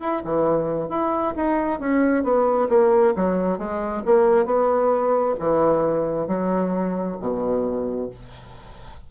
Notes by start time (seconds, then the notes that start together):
0.00 E4
0.24 E3
0.89 E4
1.36 D#4
1.80 C#4
2.23 B3
2.69 A#3
3.16 F#3
3.58 G#3
4.05 A#3
4.45 B3
5.39 E3
6.28 F#3
7.20 B2